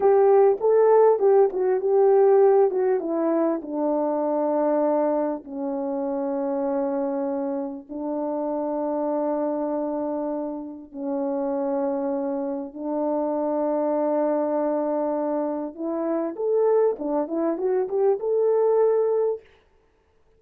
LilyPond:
\new Staff \with { instrumentName = "horn" } { \time 4/4 \tempo 4 = 99 g'4 a'4 g'8 fis'8 g'4~ | g'8 fis'8 e'4 d'2~ | d'4 cis'2.~ | cis'4 d'2.~ |
d'2 cis'2~ | cis'4 d'2.~ | d'2 e'4 a'4 | d'8 e'8 fis'8 g'8 a'2 | }